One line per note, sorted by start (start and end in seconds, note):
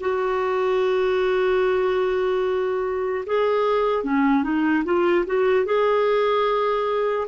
0.00 3.24 F#4
3.26 4.04 G#4
4.04 4.43 C#4
4.43 4.84 D#4
4.84 5.25 F4
5.26 5.65 F#4
5.65 7.27 G#4